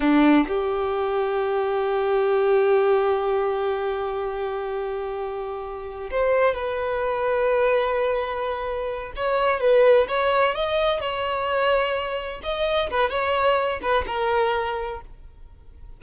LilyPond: \new Staff \with { instrumentName = "violin" } { \time 4/4 \tempo 4 = 128 d'4 g'2.~ | g'1~ | g'1~ | g'4 c''4 b'2~ |
b'2.~ b'8 cis''8~ | cis''8 b'4 cis''4 dis''4 cis''8~ | cis''2~ cis''8 dis''4 b'8 | cis''4. b'8 ais'2 | }